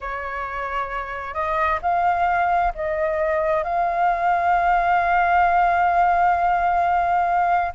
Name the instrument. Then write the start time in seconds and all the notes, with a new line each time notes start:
flute
0.00 C#5
1.33 D#5
1.81 F5
2.74 D#5
3.63 F5